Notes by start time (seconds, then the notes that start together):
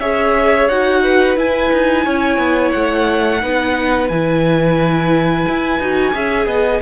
0.00 C#4 G#4 C#5 E5
0.68 D#4 F#4 F#5
1.03 B4
1.36 E4 G#5
1.72 D#4
2.05 C#4 C#5
2.37 B3
2.71 A3 F#5
3.41 B3 D#4 B4
4.08 E3 E4 G#5
5.48 E4
5.79 D#4 F#4
6.13 C#4 G#4 E5
6.46 B3 D#5